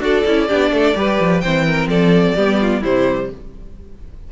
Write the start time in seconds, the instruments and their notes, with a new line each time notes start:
0.00 cello D4, viola F#4, violin A4 D5
0.26 cello C#4, viola E4
0.48 cello B3, viola D4, violin G4
0.71 cello A3, violin A4
0.96 cello G3, viola G4, violin B4
1.20 cello F3
1.41 cello E3, viola C4, violin C5 G5
1.67 violin A#4
1.87 cello F3, violin A4 D5
2.36 cello G3, viola B3, violin G4
2.61 violin F4
2.81 cello C3, viola G3, violin E4 C5